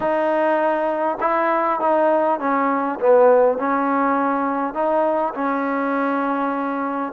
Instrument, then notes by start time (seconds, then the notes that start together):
trombone
0.00 D#4
1.20 E4
1.80 D#4
2.39 C#4
2.99 B3
3.58 C#4
4.74 D#4
5.34 C#4